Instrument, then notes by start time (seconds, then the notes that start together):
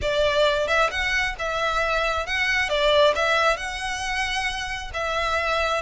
violin
0.01 D5
0.67 E5
0.90 F#5
1.38 E5
2.26 F#5
2.69 D5
3.15 E5
3.56 F#5
4.93 E5